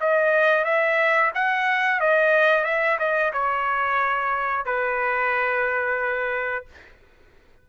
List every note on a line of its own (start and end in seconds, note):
0.00 0.64 D#5
0.64 1.31 E5
1.34 2.00 F#5
2.00 2.64 D#5
2.64 2.97 E5
2.98 3.32 D#5
3.33 4.65 C#5
4.65 6.65 B4